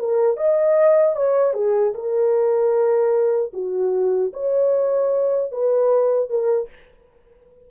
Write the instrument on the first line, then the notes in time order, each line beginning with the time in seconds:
horn
0.00 A#4
0.38 D#5
1.17 C#5
1.54 G#4
1.95 A#4
3.54 F#4
4.34 C#5
5.52 B4
6.30 A#4